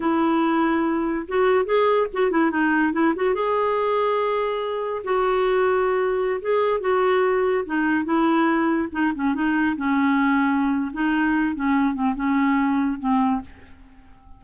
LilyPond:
\new Staff \with { instrumentName = "clarinet" } { \time 4/4 \tempo 4 = 143 e'2. fis'4 | gis'4 fis'8 e'8 dis'4 e'8 fis'8 | gis'1 | fis'2.~ fis'16 gis'8.~ |
gis'16 fis'2 dis'4 e'8.~ | e'4~ e'16 dis'8 cis'8 dis'4 cis'8.~ | cis'2 dis'4. cis'8~ | cis'8 c'8 cis'2 c'4 | }